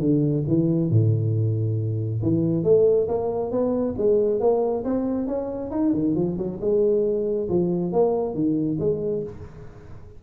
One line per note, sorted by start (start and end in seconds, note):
0.00 0.44 D3
0.47 0.90 E3
0.90 2.22 A2
2.22 2.64 E3
2.64 3.07 A3
3.08 3.51 A#3
3.51 3.95 B3
3.97 4.40 G#3
4.40 4.84 A#3
4.84 5.27 C4
5.27 5.71 C#4
5.71 5.92 D#4
5.93 6.15 D#3
6.15 6.37 F3
6.37 6.59 F#3
6.61 7.48 G#3
7.49 7.92 F3
7.92 8.34 A#3
8.34 8.78 D#3
8.79 9.23 G#3